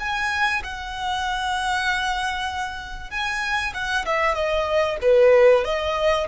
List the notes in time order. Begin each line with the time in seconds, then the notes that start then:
0.00 G#5
0.64 F#5
3.11 G#5
3.74 F#5
4.06 E5
4.35 D#5
5.02 B4
5.65 D#5